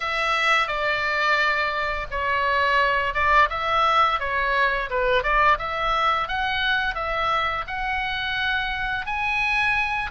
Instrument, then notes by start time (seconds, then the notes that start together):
oboe
0.00 E5
0.67 D5
2.10 C#5
3.14 D5
3.49 E5
4.19 C#5
4.90 B4
5.23 D5
5.58 E5
6.28 F#5
6.95 E5
7.67 F#5
9.06 G#5